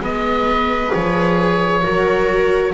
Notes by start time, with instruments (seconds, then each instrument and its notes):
0.00 double bass G#3, viola B3 B4, oboe D#5
0.91 double bass F3, viola G#4, oboe C#5
1.82 double bass F#3, viola F#4 A#4